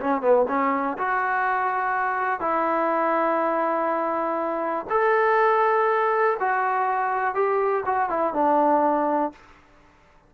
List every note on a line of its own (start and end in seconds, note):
0.00 0.21 C#4
0.21 0.46 B3
0.48 0.97 C#4
0.97 2.40 F#4
2.40 4.86 E4
4.89 6.37 A4
6.39 7.34 F#4
7.34 7.84 G4
7.85 8.09 F#4
8.09 8.34 E4
8.34 9.32 D4